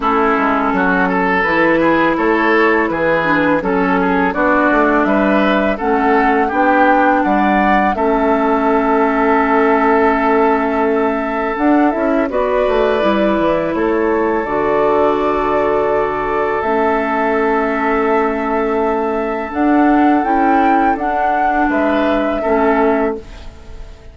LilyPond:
<<
  \new Staff \with { instrumentName = "flute" } { \time 4/4 \tempo 4 = 83 a'2 b'4 cis''4 | b'4 a'4 d''4 e''4 | fis''4 g''4 fis''4 e''4~ | e''1 |
fis''8 e''8 d''2 cis''4 | d''2. e''4~ | e''2. fis''4 | g''4 fis''4 e''2 | }
  \new Staff \with { instrumentName = "oboe" } { \time 4/4 e'4 fis'8 a'4 gis'8 a'4 | gis'4 a'8 gis'8 fis'4 b'4 | a'4 g'4 d''4 a'4~ | a'1~ |
a'4 b'2 a'4~ | a'1~ | a'1~ | a'2 b'4 a'4 | }
  \new Staff \with { instrumentName = "clarinet" } { \time 4/4 cis'2 e'2~ | e'8 d'8 cis'4 d'2 | cis'4 d'2 cis'4~ | cis'1 |
d'8 e'8 fis'4 e'2 | fis'2. cis'4~ | cis'2. d'4 | e'4 d'2 cis'4 | }
  \new Staff \with { instrumentName = "bassoon" } { \time 4/4 a8 gis8 fis4 e4 a4 | e4 fis4 b8 a8 g4 | a4 b4 g4 a4~ | a1 |
d'8 cis'8 b8 a8 g8 e8 a4 | d2. a4~ | a2. d'4 | cis'4 d'4 gis4 a4 | }
>>